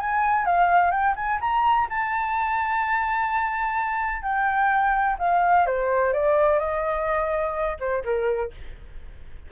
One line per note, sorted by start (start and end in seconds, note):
0.00 0.46 G#5
0.46 0.91 F5
0.91 1.15 G5
1.16 1.40 G#5
1.41 1.88 A#5
1.90 4.22 A5
4.22 5.17 G5
5.19 5.66 F5
5.66 6.13 C5
6.13 6.59 D5
6.59 7.77 D#5
7.80 8.04 C5
8.04 8.52 A#4